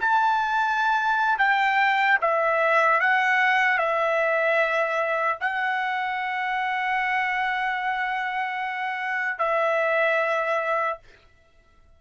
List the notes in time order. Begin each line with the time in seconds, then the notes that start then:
0.00 A5
1.38 G5
2.21 E5
3.00 F#5
3.78 E5
5.40 F#5
9.38 E5